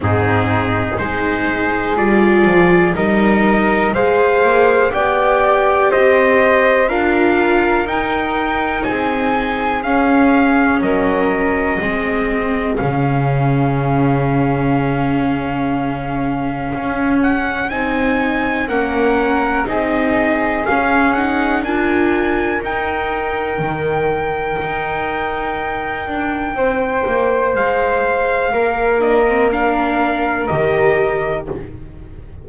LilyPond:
<<
  \new Staff \with { instrumentName = "trumpet" } { \time 4/4 \tempo 4 = 61 gis'4 c''4 d''4 dis''4 | f''4 g''4 dis''4 f''4 | g''4 gis''4 f''4 dis''4~ | dis''4 f''2.~ |
f''4. fis''8 gis''4 fis''4 | dis''4 f''8 fis''8 gis''4 g''4~ | g''1 | f''4. dis''8 f''4 dis''4 | }
  \new Staff \with { instrumentName = "flute" } { \time 4/4 dis'4 gis'2 ais'4 | c''4 d''4 c''4 ais'4~ | ais'4 gis'2 ais'4 | gis'1~ |
gis'2. ais'4 | gis'2 ais'2~ | ais'2. c''4~ | c''4 ais'2. | }
  \new Staff \with { instrumentName = "viola" } { \time 4/4 c'4 dis'4 f'4 dis'4 | gis'4 g'2 f'4 | dis'2 cis'2 | c'4 cis'2.~ |
cis'2 dis'4 cis'4 | dis'4 cis'8 dis'8 f'4 dis'4~ | dis'1~ | dis'4. d'16 c'16 d'4 g'4 | }
  \new Staff \with { instrumentName = "double bass" } { \time 4/4 gis,4 gis4 g8 f8 g4 | gis8 ais8 b4 c'4 d'4 | dis'4 c'4 cis'4 fis4 | gis4 cis2.~ |
cis4 cis'4 c'4 ais4 | c'4 cis'4 d'4 dis'4 | dis4 dis'4. d'8 c'8 ais8 | gis4 ais2 dis4 | }
>>